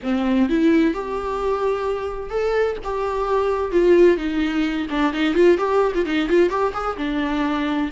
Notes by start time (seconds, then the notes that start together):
0.03 C4
0.49 E4
0.94 G4
2.29 A4
2.84 G4
3.71 F4
4.17 D#4
4.90 D4
5.13 D#4
5.34 F4
5.57 G4
5.94 F4
6.05 D#4
6.28 F4
6.49 G4
6.73 G#4
6.97 D4